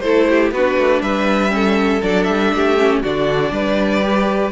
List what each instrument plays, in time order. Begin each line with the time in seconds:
0.00 cello A3, viola E4, violin A4 C5
0.30 violin G4
0.52 cello B3, viola D4, violin F#4 B4
0.78 cello A3
1.01 cello G3, violin B4 E5
1.50 viola C#4, violin A4
2.03 cello F#3, viola D4, violin D5
2.24 cello G3, violin E5
2.53 cello A3, violin G4
2.78 viola C#4
3.03 cello D3, viola D4, violin F#4 D5
3.51 cello G3, violin B4
4.03 viola G4